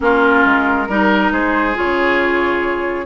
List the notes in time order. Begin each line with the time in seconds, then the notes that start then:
0.00 A#3 C#4 F4 A#4
0.44 G#3
0.88 G3 D#4 A#4
1.31 G#3 G#4 C5
1.74 C#3 F4 C#5